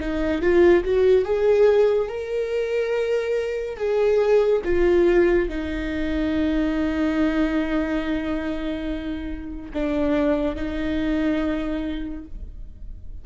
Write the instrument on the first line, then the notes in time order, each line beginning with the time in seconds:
viola
0.00 D#4
0.42 F4
0.85 F#4
1.25 G#4
2.09 A#4
3.77 G#4
4.64 F4
5.49 D#4
9.74 D4
10.56 D#4